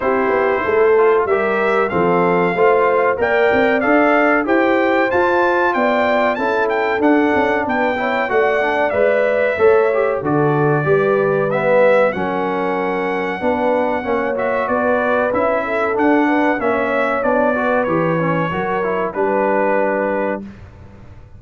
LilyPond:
<<
  \new Staff \with { instrumentName = "trumpet" } { \time 4/4 \tempo 4 = 94 c''2 e''4 f''4~ | f''4 g''4 f''4 g''4 | a''4 g''4 a''8 g''8 fis''4 | g''4 fis''4 e''2 |
d''2 e''4 fis''4~ | fis''2~ fis''8 e''8 d''4 | e''4 fis''4 e''4 d''4 | cis''2 b'2 | }
  \new Staff \with { instrumentName = "horn" } { \time 4/4 g'4 a'4 ais'4 a'4 | c''4 d''2 c''4~ | c''4 d''4 a'2 | b'8 cis''8 d''2 cis''4 |
a'4 b'2 ais'4~ | ais'4 b'4 cis''4 b'4~ | b'8 a'4 b'8 cis''4. b'8~ | b'4 ais'4 b'2 | }
  \new Staff \with { instrumentName = "trombone" } { \time 4/4 e'4. f'8 g'4 c'4 | f'4 ais'4 a'4 g'4 | f'2 e'4 d'4~ | d'8 e'8 fis'8 d'8 b'4 a'8 g'8 |
fis'4 g'4 b4 cis'4~ | cis'4 d'4 cis'8 fis'4. | e'4 d'4 cis'4 d'8 fis'8 | g'8 cis'8 fis'8 e'8 d'2 | }
  \new Staff \with { instrumentName = "tuba" } { \time 4/4 c'8 b8 a4 g4 f4 | a4 ais8 c'8 d'4 e'4 | f'4 b4 cis'4 d'8 cis'8 | b4 a4 gis4 a4 |
d4 g2 fis4~ | fis4 b4 ais4 b4 | cis'4 d'4 ais4 b4 | e4 fis4 g2 | }
>>